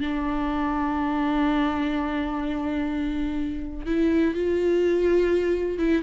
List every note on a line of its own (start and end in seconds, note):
0.00 3.86 D4
3.86 4.34 E4
4.34 5.78 F4
5.78 6.02 E4